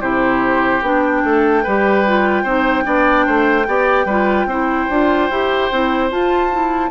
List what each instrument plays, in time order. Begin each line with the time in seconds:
0.00 bassoon C3, clarinet E4, oboe G4, flute C5
0.81 bassoon B3, clarinet D4, flute G5
1.24 bassoon A3, oboe A4
1.63 bassoon G3, clarinet G4, oboe B4
2.06 clarinet F4
2.43 bassoon C4, clarinet D#4, oboe C5
2.83 bassoon B3, clarinet D4, oboe D5
3.26 bassoon A3, oboe C5
3.66 bassoon B3, clarinet G4, oboe D5
4.05 bassoon G3, clarinet F4, oboe B4
4.45 bassoon C4, clarinet E4, oboe C5
4.89 bassoon D4, clarinet F4
5.30 bassoon E4, clarinet G4
5.71 bassoon C4, clarinet E4
6.09 clarinet F4, bassoon F4, flute A5
6.52 clarinet E4